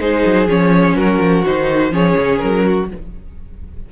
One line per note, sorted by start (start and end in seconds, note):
0.00 0.24 G#3
0.00 0.48 D#4
0.00 0.97 G#4
0.00 0.49 C5
0.26 0.48 F#3
0.48 0.95 F3
0.48 1.45 C#4
0.48 0.97 C#5
0.95 1.19 F#3
0.95 1.93 F#4
0.95 1.45 A#4
1.20 1.44 F3
1.46 1.91 D#3
1.46 1.92 D#4
1.46 1.94 C5
1.91 2.15 F3
1.91 2.88 C#4
1.91 2.65 G#4
1.91 2.38 C#5
2.18 2.42 C#3
2.38 2.92 F#3
2.38 2.86 A#4
2.66 2.90 F#4